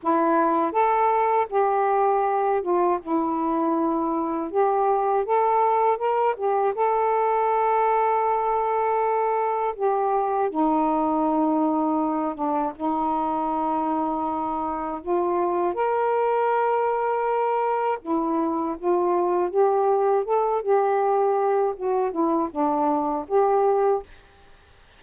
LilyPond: \new Staff \with { instrumentName = "saxophone" } { \time 4/4 \tempo 4 = 80 e'4 a'4 g'4. f'8 | e'2 g'4 a'4 | ais'8 g'8 a'2.~ | a'4 g'4 dis'2~ |
dis'8 d'8 dis'2. | f'4 ais'2. | e'4 f'4 g'4 a'8 g'8~ | g'4 fis'8 e'8 d'4 g'4 | }